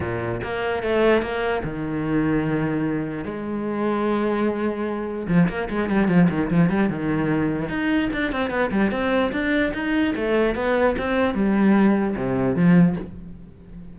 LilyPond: \new Staff \with { instrumentName = "cello" } { \time 4/4 \tempo 4 = 148 ais,4 ais4 a4 ais4 | dis1 | gis1~ | gis4 f8 ais8 gis8 g8 f8 dis8 |
f8 g8 dis2 dis'4 | d'8 c'8 b8 g8 c'4 d'4 | dis'4 a4 b4 c'4 | g2 c4 f4 | }